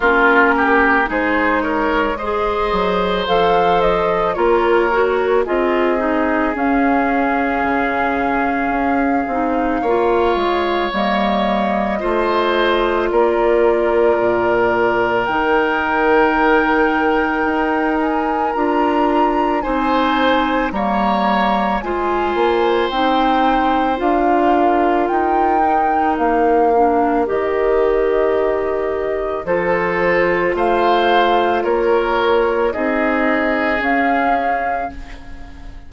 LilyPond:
<<
  \new Staff \with { instrumentName = "flute" } { \time 4/4 \tempo 4 = 55 ais'4 c''8 cis''8 dis''4 f''8 dis''8 | cis''4 dis''4 f''2~ | f''2 dis''2 | d''2 g''2~ |
g''8 gis''8 ais''4 gis''4 ais''4 | gis''4 g''4 f''4 g''4 | f''4 dis''2 c''4 | f''4 cis''4 dis''4 f''4 | }
  \new Staff \with { instrumentName = "oboe" } { \time 4/4 f'8 g'8 gis'8 ais'8 c''2 | ais'4 gis'2.~ | gis'4 cis''2 c''4 | ais'1~ |
ais'2 c''4 cis''4 | c''2~ c''8 ais'4.~ | ais'2. a'4 | c''4 ais'4 gis'2 | }
  \new Staff \with { instrumentName = "clarinet" } { \time 4/4 cis'4 dis'4 gis'4 a'4 | f'8 fis'8 f'8 dis'8 cis'2~ | cis'8 dis'8 f'4 ais4 f'4~ | f'2 dis'2~ |
dis'4 f'4 dis'4 ais4 | f'4 dis'4 f'4. dis'8~ | dis'8 d'8 g'2 f'4~ | f'2 dis'4 cis'4 | }
  \new Staff \with { instrumentName = "bassoon" } { \time 4/4 ais4 gis4. fis8 f4 | ais4 c'4 cis'4 cis4 | cis'8 c'8 ais8 gis8 g4 a4 | ais4 ais,4 dis2 |
dis'4 d'4 c'4 g4 | gis8 ais8 c'4 d'4 dis'4 | ais4 dis2 f4 | a4 ais4 c'4 cis'4 | }
>>